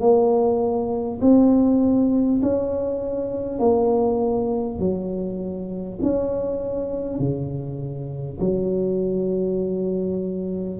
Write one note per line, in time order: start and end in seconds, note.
0.00 1.20 A#3
1.21 2.41 C4
2.42 3.59 C#4
3.59 4.79 A#3
4.79 5.99 F#3
6.02 7.18 C#4
7.18 8.38 C#3
8.39 10.79 F#3